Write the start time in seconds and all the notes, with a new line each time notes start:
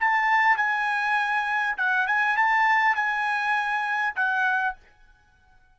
0.00 A5
0.56 G#5
1.77 F#5
2.07 G#5
2.36 A5
2.95 G#5
4.16 F#5